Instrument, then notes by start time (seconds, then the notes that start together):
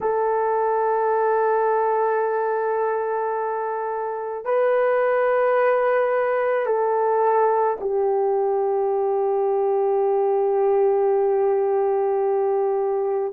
horn
0.00 A4
4.44 B4
6.66 A4
7.80 G4